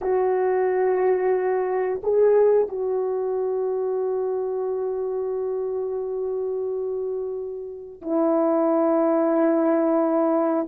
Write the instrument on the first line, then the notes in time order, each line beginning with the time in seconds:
horn
0.01 F#4
2.03 G#4
2.68 F#4
8.02 E4